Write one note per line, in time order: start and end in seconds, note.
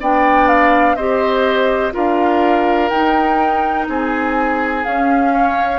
0.00 0.95 B3
0.00 0.97 D4
0.00 0.96 D5
0.00 0.47 G5
0.47 0.95 F5
0.95 1.92 C4
0.95 1.92 G4
0.95 1.93 C5
0.95 1.92 D#5
1.92 2.90 D4
1.92 2.89 F4
1.92 3.87 A#4
1.92 2.89 F5
2.89 3.87 D#4
2.89 4.85 D#4
2.89 3.85 G5
3.88 4.84 C4
3.88 5.33 G#4
3.88 4.84 G#5
4.84 5.79 C#4
4.84 5.79 F5
5.33 5.79 C#5